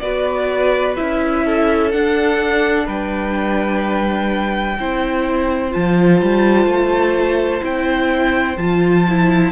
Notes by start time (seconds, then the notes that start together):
0.00 B3 F#4 B4 D5
0.97 C#4 E4 E5
1.45 A4
1.91 D4 F#5
2.86 G3 B4 G5
4.79 C4 E4 C5
5.71 F3 F4 A5
6.22 G3
6.66 A3
7.61 C4 E4 G5
8.57 F3 F4 A5
9.09 E4